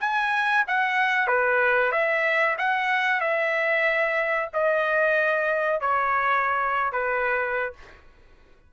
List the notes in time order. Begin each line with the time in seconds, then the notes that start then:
0.00 G#5
0.67 F#5
1.28 B4
1.92 E5
2.58 F#5
3.21 E5
4.53 D#5
5.81 C#5
6.92 B4